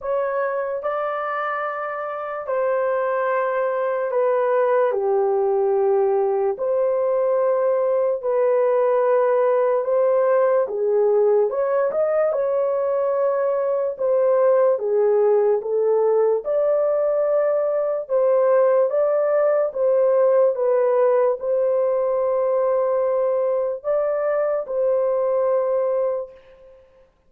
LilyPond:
\new Staff \with { instrumentName = "horn" } { \time 4/4 \tempo 4 = 73 cis''4 d''2 c''4~ | c''4 b'4 g'2 | c''2 b'2 | c''4 gis'4 cis''8 dis''8 cis''4~ |
cis''4 c''4 gis'4 a'4 | d''2 c''4 d''4 | c''4 b'4 c''2~ | c''4 d''4 c''2 | }